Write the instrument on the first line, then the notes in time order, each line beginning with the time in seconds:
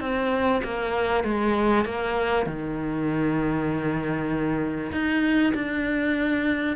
cello
0.00 C4
0.64 A#3
1.24 G#3
1.85 A#3
2.46 D#3
4.91 D#4
5.54 D4